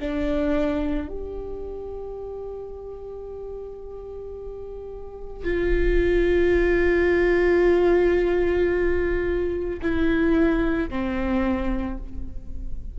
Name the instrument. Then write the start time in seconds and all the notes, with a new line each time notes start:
viola
0.00 D4
1.09 G4
5.44 F4
9.82 E4
10.89 C4